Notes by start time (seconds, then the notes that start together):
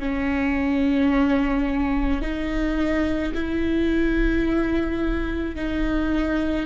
0.00 C#4
2.22 D#4
3.34 E4
5.56 D#4